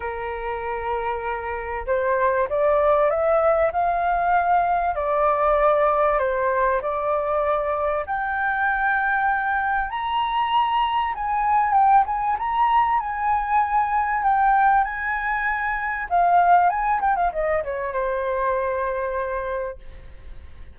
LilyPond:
\new Staff \with { instrumentName = "flute" } { \time 4/4 \tempo 4 = 97 ais'2. c''4 | d''4 e''4 f''2 | d''2 c''4 d''4~ | d''4 g''2. |
ais''2 gis''4 g''8 gis''8 | ais''4 gis''2 g''4 | gis''2 f''4 gis''8 g''16 f''16 | dis''8 cis''8 c''2. | }